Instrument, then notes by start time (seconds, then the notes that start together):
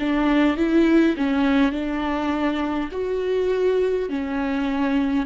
viola
0.00 D4
0.57 E4
1.17 C#4
1.73 D4
2.92 F#4
4.10 C#4